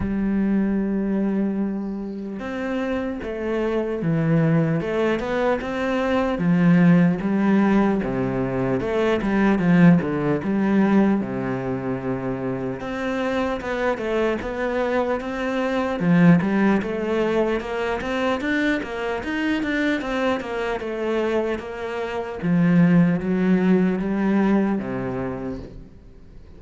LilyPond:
\new Staff \with { instrumentName = "cello" } { \time 4/4 \tempo 4 = 75 g2. c'4 | a4 e4 a8 b8 c'4 | f4 g4 c4 a8 g8 | f8 d8 g4 c2 |
c'4 b8 a8 b4 c'4 | f8 g8 a4 ais8 c'8 d'8 ais8 | dis'8 d'8 c'8 ais8 a4 ais4 | f4 fis4 g4 c4 | }